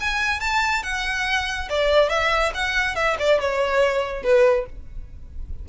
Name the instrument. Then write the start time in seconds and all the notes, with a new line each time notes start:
violin
0.00 G#5
0.40 A5
0.83 F#5
1.69 D5
2.09 E5
2.54 F#5
2.95 E5
3.19 D5
3.40 C#5
4.23 B4